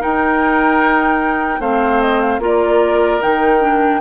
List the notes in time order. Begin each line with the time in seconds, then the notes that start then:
0.00 D#4 A#4 G5
1.60 A3 C4 C5 F5
2.02 D#5
2.21 F5
2.39 A#3 F4 A#4
2.45 D5
3.21 D#3 D#4 G5
3.61 D4